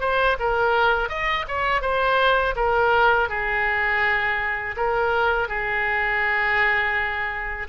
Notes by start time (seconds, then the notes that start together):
0.00 C5
0.39 A#4
1.09 D#5
1.48 C#5
1.81 C5
2.56 A#4
3.29 G#4
4.77 A#4
5.48 G#4